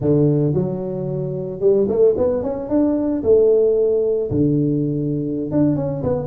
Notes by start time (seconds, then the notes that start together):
0.00 D3
0.53 F#3
1.60 G3
1.88 A3
2.17 B3
2.43 C#4
2.69 D4
3.23 A3
4.30 D3
5.51 D4
5.76 C#4
6.03 B3